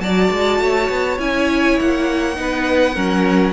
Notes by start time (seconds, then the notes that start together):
0.00 F#3 F#4 D5 A5
0.31 G#3
0.60 A3 C#5
0.89 B3
1.19 C#4 E4 G#5
1.79 A#3 F#5
2.36 B3 D#4 B4
2.95 F#3 C#4 A#4